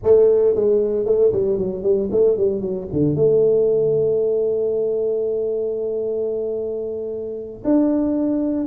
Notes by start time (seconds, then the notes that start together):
0.03 A3
0.55 G#3
1.05 A3
1.32 G3
1.58 F#3
1.83 G3
2.11 A3
2.37 G3
2.61 F#3
2.92 D3
3.15 A3
7.64 D4